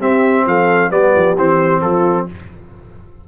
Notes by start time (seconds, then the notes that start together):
0.00 C4 G4 E5
0.46 F3 A4 F5
0.91 G3 B3 G4 D5
1.16 F3
1.37 E3 C4 C5
1.82 F3 F4 A4